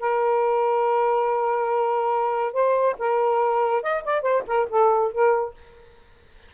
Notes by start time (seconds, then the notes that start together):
0.00 A#4
2.53 C5
2.98 A#4
3.83 D#5
4.04 D5
4.22 C5
4.47 A#4
4.69 A4
5.12 A#4